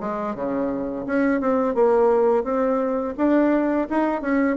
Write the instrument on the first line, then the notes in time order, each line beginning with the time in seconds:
bassoon
0.00 G#3
0.35 C#3
1.06 C#4
1.41 C4
1.75 A#3
2.44 C4
3.17 D4
3.90 D#4
4.21 C#4